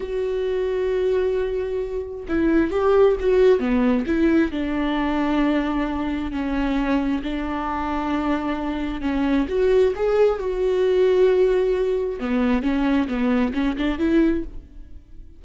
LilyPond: \new Staff \with { instrumentName = "viola" } { \time 4/4 \tempo 4 = 133 fis'1~ | fis'4 e'4 g'4 fis'4 | b4 e'4 d'2~ | d'2 cis'2 |
d'1 | cis'4 fis'4 gis'4 fis'4~ | fis'2. b4 | cis'4 b4 cis'8 d'8 e'4 | }